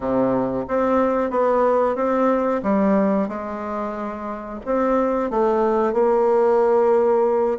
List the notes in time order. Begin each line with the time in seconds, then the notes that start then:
0.00 C3
0.67 C4
1.30 B3
1.95 C4
2.62 G3
3.28 G#3
4.65 C4
5.30 A3
5.93 A#3